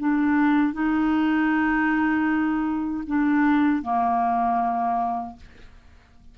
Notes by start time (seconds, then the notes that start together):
0.00 D4
0.74 D#4
3.07 D4
3.83 A#3